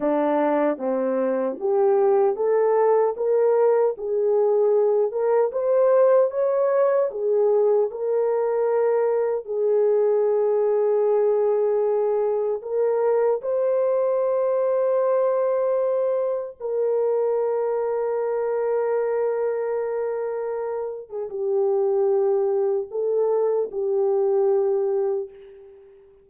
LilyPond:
\new Staff \with { instrumentName = "horn" } { \time 4/4 \tempo 4 = 76 d'4 c'4 g'4 a'4 | ais'4 gis'4. ais'8 c''4 | cis''4 gis'4 ais'2 | gis'1 |
ais'4 c''2.~ | c''4 ais'2.~ | ais'2~ ais'8. gis'16 g'4~ | g'4 a'4 g'2 | }